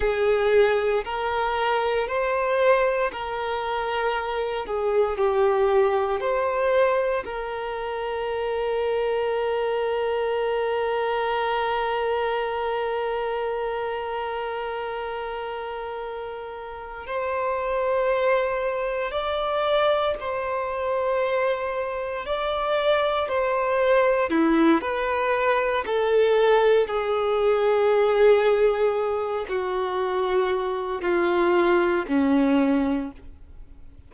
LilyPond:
\new Staff \with { instrumentName = "violin" } { \time 4/4 \tempo 4 = 58 gis'4 ais'4 c''4 ais'4~ | ais'8 gis'8 g'4 c''4 ais'4~ | ais'1~ | ais'1~ |
ais'8 c''2 d''4 c''8~ | c''4. d''4 c''4 e'8 | b'4 a'4 gis'2~ | gis'8 fis'4. f'4 cis'4 | }